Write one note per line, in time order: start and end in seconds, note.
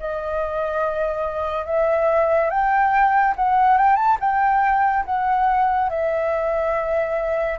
0.00 1.66 D#5
1.66 2.50 E5
2.50 3.35 G5
3.36 3.78 F#5
3.78 3.96 G5
3.96 4.17 A5
4.20 5.05 G5
5.06 5.90 F#5
5.90 7.59 E5